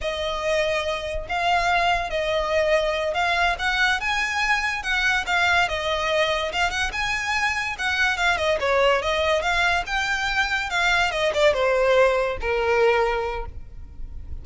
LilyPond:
\new Staff \with { instrumentName = "violin" } { \time 4/4 \tempo 4 = 143 dis''2. f''4~ | f''4 dis''2~ dis''8 f''8~ | f''8 fis''4 gis''2 fis''8~ | fis''8 f''4 dis''2 f''8 |
fis''8 gis''2 fis''4 f''8 | dis''8 cis''4 dis''4 f''4 g''8~ | g''4. f''4 dis''8 d''8 c''8~ | c''4. ais'2~ ais'8 | }